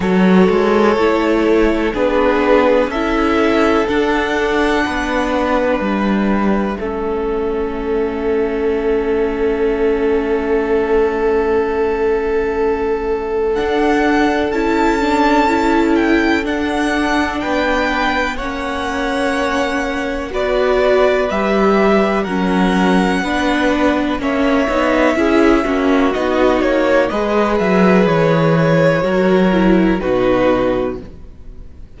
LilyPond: <<
  \new Staff \with { instrumentName = "violin" } { \time 4/4 \tempo 4 = 62 cis''2 b'4 e''4 | fis''2 e''2~ | e''1~ | e''2 fis''4 a''4~ |
a''8 g''8 fis''4 g''4 fis''4~ | fis''4 d''4 e''4 fis''4~ | fis''4 e''2 dis''8 cis''8 | dis''8 e''8 cis''2 b'4 | }
  \new Staff \with { instrumentName = "violin" } { \time 4/4 a'2 gis'4 a'4~ | a'4 b'2 a'4~ | a'1~ | a'1~ |
a'2 b'4 cis''4~ | cis''4 b'2 ais'4 | b'4 cis''4 gis'8 fis'4. | b'2 ais'4 fis'4 | }
  \new Staff \with { instrumentName = "viola" } { \time 4/4 fis'4 e'4 d'4 e'4 | d'2. cis'4~ | cis'1~ | cis'2 d'4 e'8 d'8 |
e'4 d'2 cis'4~ | cis'4 fis'4 g'4 cis'4 | d'4 cis'8 dis'8 e'8 cis'8 dis'4 | gis'2 fis'8 e'8 dis'4 | }
  \new Staff \with { instrumentName = "cello" } { \time 4/4 fis8 gis8 a4 b4 cis'4 | d'4 b4 g4 a4~ | a1~ | a2 d'4 cis'4~ |
cis'4 d'4 b4 ais4~ | ais4 b4 g4 fis4 | b4 ais8 b8 cis'8 ais8 b8 ais8 | gis8 fis8 e4 fis4 b,4 | }
>>